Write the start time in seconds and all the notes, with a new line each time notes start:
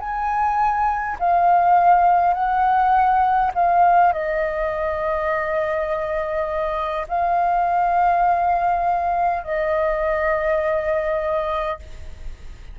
0.00 G#5
1.19 F5
2.34 F#5
3.55 F5
4.13 D#5
7.09 F5
9.44 D#5